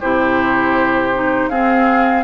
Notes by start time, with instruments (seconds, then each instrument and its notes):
0.00 bassoon C3, clarinet E4, oboe G4, flute C5
1.14 clarinet D#4
1.49 bassoon C4, clarinet C4, oboe G#4, flute F5